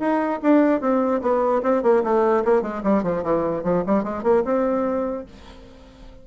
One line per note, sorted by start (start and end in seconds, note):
0.00 0.40 D#4
0.43 0.81 D4
0.81 1.22 C4
1.22 1.62 B3
1.63 1.83 C4
1.83 2.03 A#3
2.04 2.44 A3
2.45 2.62 A#3
2.62 2.83 G#3
2.84 3.03 G3
3.03 3.24 F3
3.24 3.64 E3
3.64 3.84 F3
3.87 4.04 G3
4.04 4.24 G#3
4.24 4.44 A#3
4.45 5.26 C4